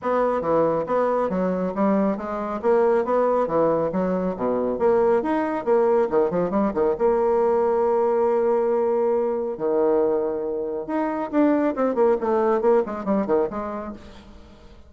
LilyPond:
\new Staff \with { instrumentName = "bassoon" } { \time 4/4 \tempo 4 = 138 b4 e4 b4 fis4 | g4 gis4 ais4 b4 | e4 fis4 b,4 ais4 | dis'4 ais4 dis8 f8 g8 dis8 |
ais1~ | ais2 dis2~ | dis4 dis'4 d'4 c'8 ais8 | a4 ais8 gis8 g8 dis8 gis4 | }